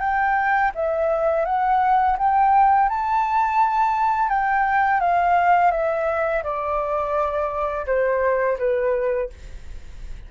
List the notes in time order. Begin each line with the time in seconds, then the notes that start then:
0.00 G5
0.75 E5
1.46 F#5
2.19 G5
2.90 A5
4.30 G5
5.01 F5
5.72 E5
6.44 D5
7.87 C5
8.59 B4